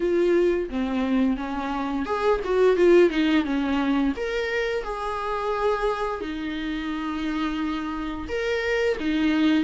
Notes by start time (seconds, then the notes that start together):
0.00 F4
0.69 C4
1.36 C#4
2.05 G#4
2.44 F#4
2.76 F4
3.09 D#4
3.44 C#4
4.16 A#4
4.83 G#4
6.20 D#4
8.28 A#4
8.99 D#4